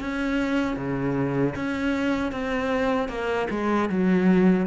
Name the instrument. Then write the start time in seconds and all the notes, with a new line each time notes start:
cello
0.00 C#4
0.77 C#3
1.55 C#4
2.32 C4
3.08 A#3
3.50 G#3
3.89 F#3